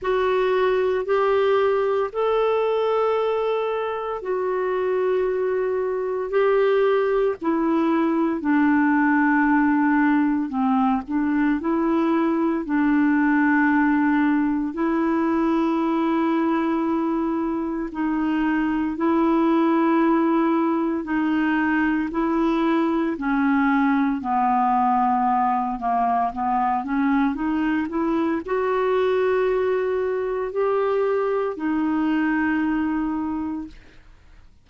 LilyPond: \new Staff \with { instrumentName = "clarinet" } { \time 4/4 \tempo 4 = 57 fis'4 g'4 a'2 | fis'2 g'4 e'4 | d'2 c'8 d'8 e'4 | d'2 e'2~ |
e'4 dis'4 e'2 | dis'4 e'4 cis'4 b4~ | b8 ais8 b8 cis'8 dis'8 e'8 fis'4~ | fis'4 g'4 dis'2 | }